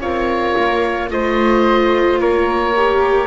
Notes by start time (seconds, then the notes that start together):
0.00 C4 F4 A#4 C#5
0.57 A#3
1.10 A3 F4 C5 D#5
2.19 A#3 A#4 C#5
2.76 G4